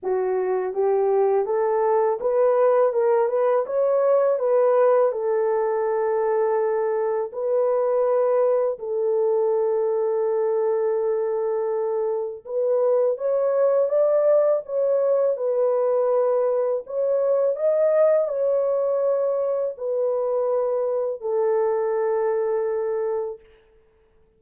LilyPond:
\new Staff \with { instrumentName = "horn" } { \time 4/4 \tempo 4 = 82 fis'4 g'4 a'4 b'4 | ais'8 b'8 cis''4 b'4 a'4~ | a'2 b'2 | a'1~ |
a'4 b'4 cis''4 d''4 | cis''4 b'2 cis''4 | dis''4 cis''2 b'4~ | b'4 a'2. | }